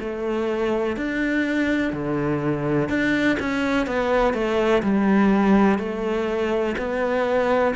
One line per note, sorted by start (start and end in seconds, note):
0.00 0.97 A3
0.97 1.94 D4
1.94 2.89 D3
2.89 3.38 D4
3.40 3.87 C#4
3.87 4.34 B3
4.34 4.83 A3
4.83 5.79 G3
5.79 6.76 A3
6.78 7.75 B3